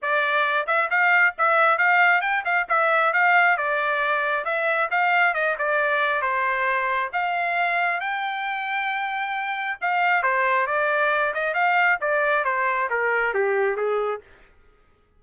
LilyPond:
\new Staff \with { instrumentName = "trumpet" } { \time 4/4 \tempo 4 = 135 d''4. e''8 f''4 e''4 | f''4 g''8 f''8 e''4 f''4 | d''2 e''4 f''4 | dis''8 d''4. c''2 |
f''2 g''2~ | g''2 f''4 c''4 | d''4. dis''8 f''4 d''4 | c''4 ais'4 g'4 gis'4 | }